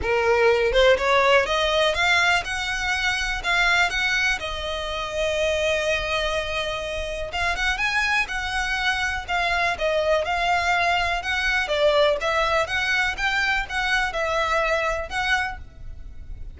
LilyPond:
\new Staff \with { instrumentName = "violin" } { \time 4/4 \tempo 4 = 123 ais'4. c''8 cis''4 dis''4 | f''4 fis''2 f''4 | fis''4 dis''2.~ | dis''2. f''8 fis''8 |
gis''4 fis''2 f''4 | dis''4 f''2 fis''4 | d''4 e''4 fis''4 g''4 | fis''4 e''2 fis''4 | }